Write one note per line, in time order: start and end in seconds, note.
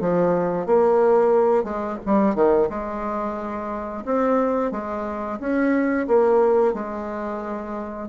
0.00 0.66 F3
0.66 1.64 A#3
1.64 1.98 G#3
2.06 2.35 G3
2.35 2.69 D#3
2.70 4.04 G#3
4.05 4.72 C4
4.72 5.39 G#3
5.40 6.07 C#4
6.07 6.74 A#3
6.74 8.08 G#3